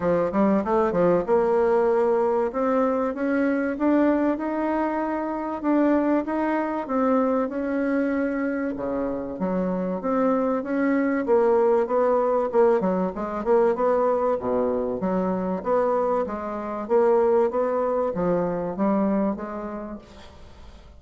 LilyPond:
\new Staff \with { instrumentName = "bassoon" } { \time 4/4 \tempo 4 = 96 f8 g8 a8 f8 ais2 | c'4 cis'4 d'4 dis'4~ | dis'4 d'4 dis'4 c'4 | cis'2 cis4 fis4 |
c'4 cis'4 ais4 b4 | ais8 fis8 gis8 ais8 b4 b,4 | fis4 b4 gis4 ais4 | b4 f4 g4 gis4 | }